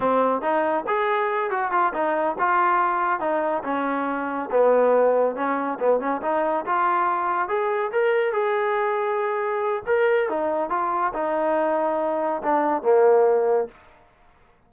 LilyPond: \new Staff \with { instrumentName = "trombone" } { \time 4/4 \tempo 4 = 140 c'4 dis'4 gis'4. fis'8 | f'8 dis'4 f'2 dis'8~ | dis'8 cis'2 b4.~ | b8 cis'4 b8 cis'8 dis'4 f'8~ |
f'4. gis'4 ais'4 gis'8~ | gis'2. ais'4 | dis'4 f'4 dis'2~ | dis'4 d'4 ais2 | }